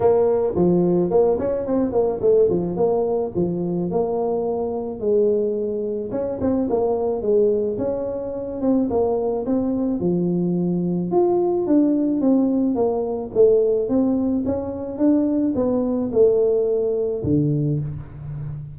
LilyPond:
\new Staff \with { instrumentName = "tuba" } { \time 4/4 \tempo 4 = 108 ais4 f4 ais8 cis'8 c'8 ais8 | a8 f8 ais4 f4 ais4~ | ais4 gis2 cis'8 c'8 | ais4 gis4 cis'4. c'8 |
ais4 c'4 f2 | f'4 d'4 c'4 ais4 | a4 c'4 cis'4 d'4 | b4 a2 d4 | }